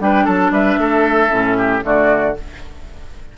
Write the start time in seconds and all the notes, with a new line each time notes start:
0.00 G3 D4 B4 G5
0.25 F#3 A4 A5
0.51 G3 B4 E5
0.77 A3 A4
1.30 A2 C#4
1.57 G4
1.83 D3 A3 F#4 D5